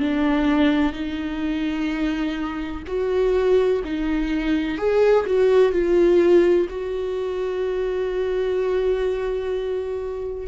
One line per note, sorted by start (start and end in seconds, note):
0.00 0.93 D4
0.93 2.84 D#4
2.87 3.83 F#4
3.84 4.78 D#4
4.78 5.26 G#4
5.26 5.72 F#4
5.72 6.68 F4
6.70 10.48 F#4